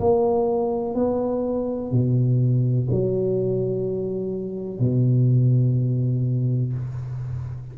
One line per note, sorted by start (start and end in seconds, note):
0.00 0.95 A#3
0.95 1.91 B3
1.91 2.88 B2
2.91 4.79 F#3
4.79 6.73 B2